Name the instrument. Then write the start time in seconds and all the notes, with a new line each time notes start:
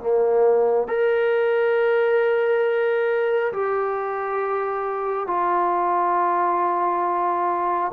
trombone
0.00 A#3
0.87 A#4
3.52 G4
5.27 F4